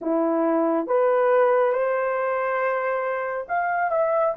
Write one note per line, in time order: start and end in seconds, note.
0.01 0.87 E4
0.87 1.72 B4
1.72 3.46 C5
3.48 3.91 F5
3.91 4.34 E5